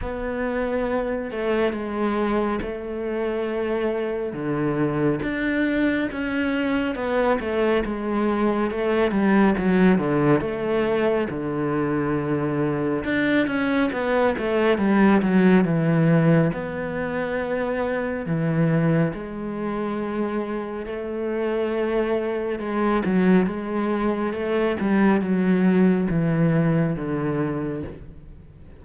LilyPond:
\new Staff \with { instrumentName = "cello" } { \time 4/4 \tempo 4 = 69 b4. a8 gis4 a4~ | a4 d4 d'4 cis'4 | b8 a8 gis4 a8 g8 fis8 d8 | a4 d2 d'8 cis'8 |
b8 a8 g8 fis8 e4 b4~ | b4 e4 gis2 | a2 gis8 fis8 gis4 | a8 g8 fis4 e4 d4 | }